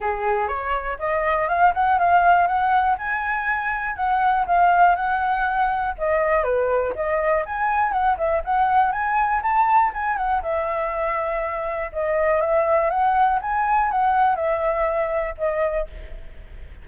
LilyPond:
\new Staff \with { instrumentName = "flute" } { \time 4/4 \tempo 4 = 121 gis'4 cis''4 dis''4 f''8 fis''8 | f''4 fis''4 gis''2 | fis''4 f''4 fis''2 | dis''4 b'4 dis''4 gis''4 |
fis''8 e''8 fis''4 gis''4 a''4 | gis''8 fis''8 e''2. | dis''4 e''4 fis''4 gis''4 | fis''4 e''2 dis''4 | }